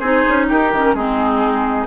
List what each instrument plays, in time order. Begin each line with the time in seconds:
0.00 bassoon C4, clarinet D#4, oboe G#4, flute C5
0.29 bassoon C#4
0.49 bassoon D#4, oboe G4, flute A#4
0.73 bassoon D#3, clarinet C#4
0.94 bassoon G#3, clarinet C4, oboe D#4, flute G#4